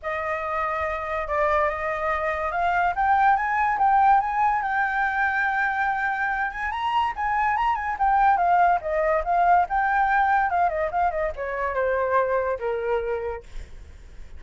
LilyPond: \new Staff \with { instrumentName = "flute" } { \time 4/4 \tempo 4 = 143 dis''2. d''4 | dis''2 f''4 g''4 | gis''4 g''4 gis''4 g''4~ | g''2.~ g''8 gis''8 |
ais''4 gis''4 ais''8 gis''8 g''4 | f''4 dis''4 f''4 g''4~ | g''4 f''8 dis''8 f''8 dis''8 cis''4 | c''2 ais'2 | }